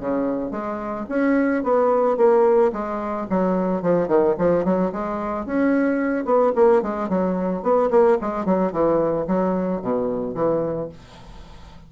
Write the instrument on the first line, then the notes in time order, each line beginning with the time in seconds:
bassoon
0.00 C#3
0.52 G#3
1.09 C#4
1.64 B3
2.17 A#3
2.73 G#3
3.30 F#3
3.83 F3
4.08 D#3
4.38 F3
4.65 F#3
4.93 G#3
5.46 C#4
6.25 B3
6.56 A#3
6.83 G#3
7.09 F#3
7.63 B3
7.91 A#3
8.21 G#3
8.46 F#3
8.72 E3
9.28 F#3
9.82 B2
10.35 E3